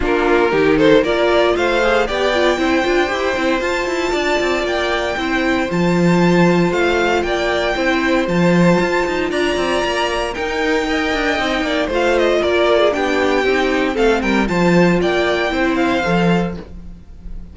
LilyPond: <<
  \new Staff \with { instrumentName = "violin" } { \time 4/4 \tempo 4 = 116 ais'4. c''8 d''4 f''4 | g''2. a''4~ | a''4 g''2 a''4~ | a''4 f''4 g''2 |
a''2 ais''2 | g''2. f''8 dis''8 | d''4 g''2 f''8 g''8 | a''4 g''4. f''4. | }
  \new Staff \with { instrumentName = "violin" } { \time 4/4 f'4 g'8 a'8 ais'4 c''4 | d''4 c''2. | d''2 c''2~ | c''2 d''4 c''4~ |
c''2 d''2 | ais'4 dis''4. d''8 c''4 | ais'8. gis'16 g'2 a'8 ais'8 | c''4 d''4 c''2 | }
  \new Staff \with { instrumentName = "viola" } { \time 4/4 d'4 dis'4 f'4. gis'8 | g'8 f'8 e'8 f'8 g'8 e'8 f'4~ | f'2 e'4 f'4~ | f'2. e'4 |
f'1 | dis'4 ais'4 dis'4 f'4~ | f'4 d'4 dis'4 c'4 | f'2 e'4 a'4 | }
  \new Staff \with { instrumentName = "cello" } { \time 4/4 ais4 dis4 ais4 a4 | b4 c'8 d'8 e'8 c'8 f'8 e'8 | d'8 c'8 ais4 c'4 f4~ | f4 a4 ais4 c'4 |
f4 f'8 dis'8 d'8 c'8 ais4 | dis'4. d'8 c'8 ais8 a4 | ais4 b4 c'4 a8 g8 | f4 ais4 c'4 f4 | }
>>